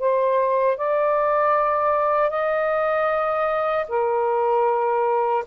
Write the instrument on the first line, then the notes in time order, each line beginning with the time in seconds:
saxophone
0.00 C5
0.78 D5
2.31 D#5
3.89 A#4